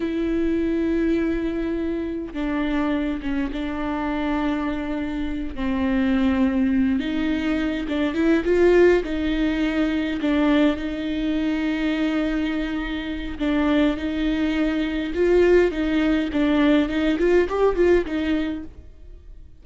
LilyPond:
\new Staff \with { instrumentName = "viola" } { \time 4/4 \tempo 4 = 103 e'1 | d'4. cis'8 d'2~ | d'4. c'2~ c'8 | dis'4. d'8 e'8 f'4 dis'8~ |
dis'4. d'4 dis'4.~ | dis'2. d'4 | dis'2 f'4 dis'4 | d'4 dis'8 f'8 g'8 f'8 dis'4 | }